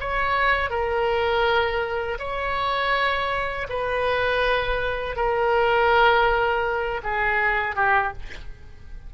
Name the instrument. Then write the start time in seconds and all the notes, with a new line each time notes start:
oboe
0.00 C#5
0.70 A#4
2.19 C#5
3.69 B4
5.16 A#4
7.03 G#4
7.76 G4